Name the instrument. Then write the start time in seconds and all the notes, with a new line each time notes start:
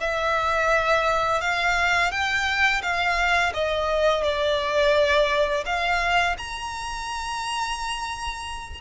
violin
0.00 E5
1.41 F5
2.11 G5
2.82 F5
3.54 D#5
4.23 D5
5.65 F5
6.37 A#5